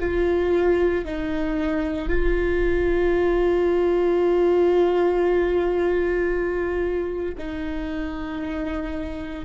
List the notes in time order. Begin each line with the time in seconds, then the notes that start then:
0.00 F4
1.05 D#4
2.09 F4
7.38 D#4